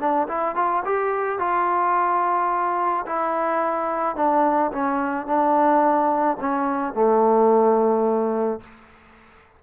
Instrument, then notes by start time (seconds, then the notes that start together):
trombone
0.00 D4
0.28 E4
0.56 F4
0.85 G4
1.39 F4
3.07 E4
4.16 D4
4.72 C#4
5.27 D4
6.40 C#4
6.94 A3